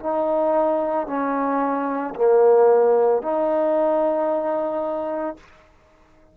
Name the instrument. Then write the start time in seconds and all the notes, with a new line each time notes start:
trombone
0.00 D#4
1.07 C#4
2.15 A#3
3.22 D#4